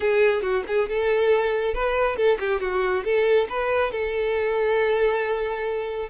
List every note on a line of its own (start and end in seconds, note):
0.00 0.42 G#4
0.42 0.63 F#4
0.67 0.88 G#4
0.89 1.74 A4
1.74 2.16 B4
2.16 2.38 A4
2.39 2.60 G4
2.60 3.04 F#4
3.04 3.47 A4
3.49 3.91 B4
3.91 6.09 A4